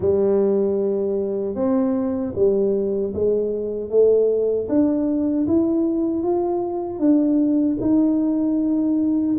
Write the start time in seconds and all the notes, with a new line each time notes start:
0.00 G3
1.55 C4
2.35 G3
3.13 G#3
3.90 A3
4.69 D4
5.47 E4
6.23 F4
6.99 D4
7.80 D#4